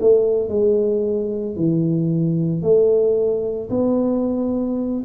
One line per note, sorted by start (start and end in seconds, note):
0.00 0.48 A3
0.48 1.55 G#3
1.55 2.62 E3
2.62 3.69 A3
3.70 5.04 B3